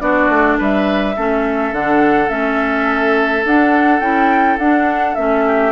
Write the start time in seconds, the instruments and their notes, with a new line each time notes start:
0.00 bassoon B3, clarinet D4, oboe F#4, flute D5
0.29 bassoon A3
0.58 bassoon G3, oboe B4, flute E5
1.16 bassoon A3, clarinet C#4, oboe A4
1.72 bassoon D3, clarinet D4, flute F#5
2.28 bassoon A3, clarinet C#4, flute E5
3.45 bassoon D4, clarinet D4, flute F#5
4.00 bassoon C#4, clarinet E4, flute G5
4.58 bassoon D4, clarinet D4, flute F#5
5.15 bassoon A3, clarinet C#4, flute E5
5.46 oboe G4